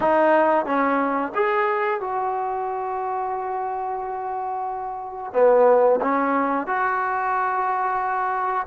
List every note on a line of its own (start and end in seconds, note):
0.00 0.65 D#4
0.65 1.32 C#4
1.35 2.00 G#4
2.00 5.33 F#4
5.33 5.99 B3
6.01 6.67 C#4
6.67 8.67 F#4